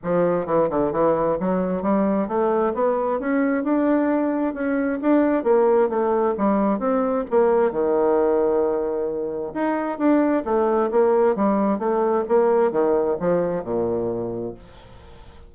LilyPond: \new Staff \with { instrumentName = "bassoon" } { \time 4/4 \tempo 4 = 132 f4 e8 d8 e4 fis4 | g4 a4 b4 cis'4 | d'2 cis'4 d'4 | ais4 a4 g4 c'4 |
ais4 dis2.~ | dis4 dis'4 d'4 a4 | ais4 g4 a4 ais4 | dis4 f4 ais,2 | }